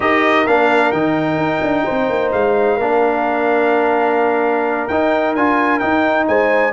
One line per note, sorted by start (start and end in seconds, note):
0.00 0.46 D#4
0.00 0.46 G4
0.00 1.84 A#4
0.00 0.46 D#5
0.46 0.92 A#3
0.46 0.94 D4
0.46 0.91 F5
0.91 1.37 D#3
0.91 2.80 D#4
0.91 2.31 G5
1.37 1.60 D#4
1.61 1.85 D4
1.84 2.09 C4
1.84 2.76 C5
2.09 2.32 A#3
2.32 2.78 G#3
2.32 4.87 F5
2.76 4.88 A#3
2.76 4.90 D4
2.76 6.25 A#4
4.87 5.35 D#4
4.87 5.37 D#4
4.87 5.34 G5
5.35 5.81 D4
5.35 5.81 F4
5.35 5.79 G#5
5.79 6.73 D#4
5.79 6.28 D#4
5.79 6.25 G5
6.27 6.73 G#3
6.27 6.73 C5
6.27 6.73 G#5